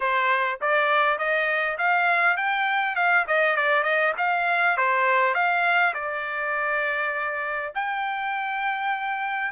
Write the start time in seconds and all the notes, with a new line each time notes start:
0.00 C5
0.61 D5
1.18 D#5
1.77 F5
2.36 G5
2.95 F5
3.27 D#5
3.56 D5
3.83 D#5
4.17 F5
4.77 C5
5.34 F5
5.94 D5
7.74 G5